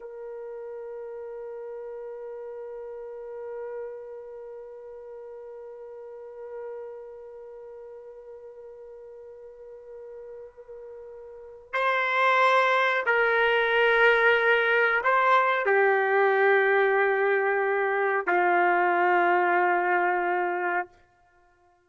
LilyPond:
\new Staff \with { instrumentName = "trumpet" } { \time 4/4 \tempo 4 = 92 ais'1~ | ais'1~ | ais'1~ | ais'1~ |
ais'2 c''2 | ais'2. c''4 | g'1 | f'1 | }